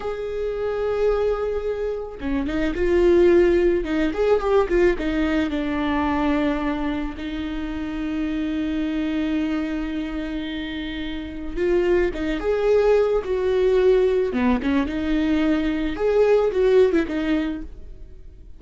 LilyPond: \new Staff \with { instrumentName = "viola" } { \time 4/4 \tempo 4 = 109 gis'1 | cis'8 dis'8 f'2 dis'8 gis'8 | g'8 f'8 dis'4 d'2~ | d'4 dis'2.~ |
dis'1~ | dis'4 f'4 dis'8 gis'4. | fis'2 b8 cis'8 dis'4~ | dis'4 gis'4 fis'8. e'16 dis'4 | }